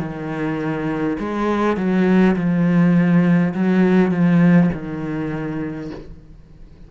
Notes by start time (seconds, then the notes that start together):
0.00 D#3
1.19 G#3
1.77 F#3
2.36 F3
3.54 F#3
4.11 F3
4.73 D#3